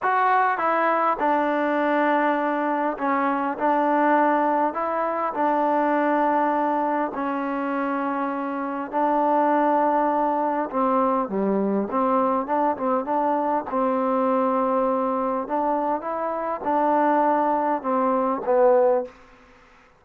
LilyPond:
\new Staff \with { instrumentName = "trombone" } { \time 4/4 \tempo 4 = 101 fis'4 e'4 d'2~ | d'4 cis'4 d'2 | e'4 d'2. | cis'2. d'4~ |
d'2 c'4 g4 | c'4 d'8 c'8 d'4 c'4~ | c'2 d'4 e'4 | d'2 c'4 b4 | }